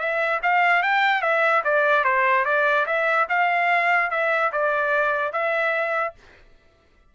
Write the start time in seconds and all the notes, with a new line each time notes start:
0.00 E5
0.43 F5
0.83 G5
1.22 E5
1.65 D5
2.05 C5
2.45 D5
2.86 E5
3.29 F5
4.11 E5
4.53 D5
5.33 E5